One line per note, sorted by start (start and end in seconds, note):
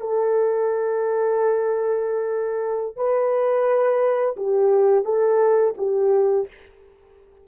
0.00 2.96 A4
2.96 4.35 B4
4.36 5.04 G4
5.04 5.74 A4
5.77 6.47 G4